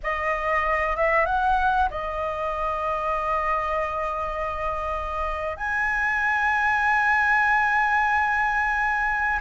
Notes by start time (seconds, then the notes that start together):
0.03 D#5
0.96 E5
1.25 F#5
1.90 D#5
5.56 G#5